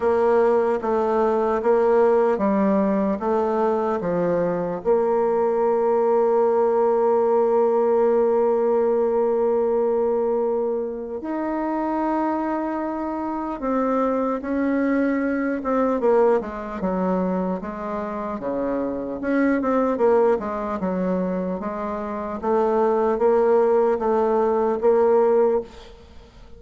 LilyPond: \new Staff \with { instrumentName = "bassoon" } { \time 4/4 \tempo 4 = 75 ais4 a4 ais4 g4 | a4 f4 ais2~ | ais1~ | ais2 dis'2~ |
dis'4 c'4 cis'4. c'8 | ais8 gis8 fis4 gis4 cis4 | cis'8 c'8 ais8 gis8 fis4 gis4 | a4 ais4 a4 ais4 | }